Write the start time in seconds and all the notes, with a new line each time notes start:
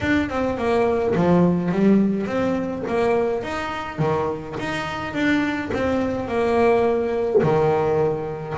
0.01 D4
0.29 C4
0.57 A#3
1.15 F3
1.71 G3
2.26 C4
2.87 A#3
3.43 D#4
3.98 D#3
4.59 D#4
5.13 D4
5.73 C4
6.28 A#3
7.42 D#3